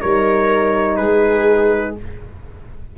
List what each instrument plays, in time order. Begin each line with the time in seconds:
0.00 tuba G3, horn D#4, viola A#4, trumpet C#5
0.96 tuba G#3, viola G#4, trumpet B4